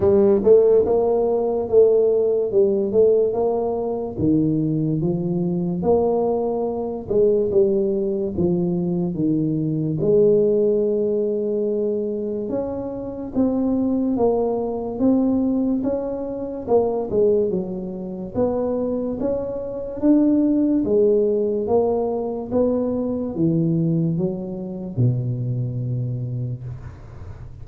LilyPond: \new Staff \with { instrumentName = "tuba" } { \time 4/4 \tempo 4 = 72 g8 a8 ais4 a4 g8 a8 | ais4 dis4 f4 ais4~ | ais8 gis8 g4 f4 dis4 | gis2. cis'4 |
c'4 ais4 c'4 cis'4 | ais8 gis8 fis4 b4 cis'4 | d'4 gis4 ais4 b4 | e4 fis4 b,2 | }